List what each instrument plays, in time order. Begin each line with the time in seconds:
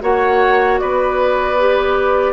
0.00 bassoon A#3, clarinet F#4, oboe C#5, flute F#5
0.78 bassoon B3, oboe B4, flute D5
1.58 clarinet G4